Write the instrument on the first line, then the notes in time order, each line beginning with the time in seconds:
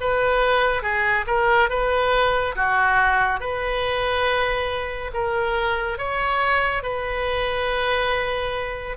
oboe
0.00 B4
0.82 G#4
1.27 A#4
1.69 B4
2.55 F#4
3.39 B4
5.14 A#4
5.98 C#5
6.82 B4